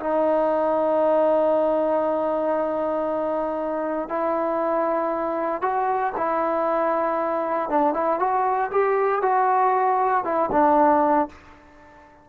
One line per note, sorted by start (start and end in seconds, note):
0.00 4.09 D#4
4.09 5.62 E4
5.62 6.13 F#4
6.17 7.70 E4
7.70 7.94 D4
7.94 8.20 E4
8.20 8.71 F#4
8.72 9.22 G4
9.22 10.25 F#4
10.25 10.50 E4
10.52 11.29 D4